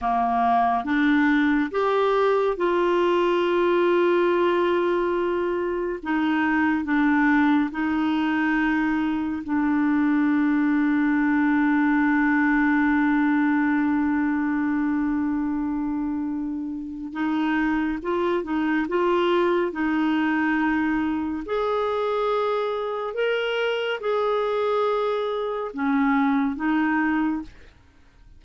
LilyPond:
\new Staff \with { instrumentName = "clarinet" } { \time 4/4 \tempo 4 = 70 ais4 d'4 g'4 f'4~ | f'2. dis'4 | d'4 dis'2 d'4~ | d'1~ |
d'1 | dis'4 f'8 dis'8 f'4 dis'4~ | dis'4 gis'2 ais'4 | gis'2 cis'4 dis'4 | }